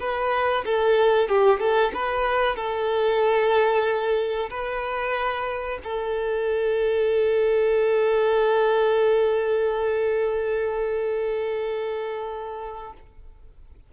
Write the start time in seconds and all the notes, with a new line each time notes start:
0.00 B4
0.65 A4
1.29 G4
1.60 A4
1.94 B4
2.56 A4
4.50 B4
5.83 A4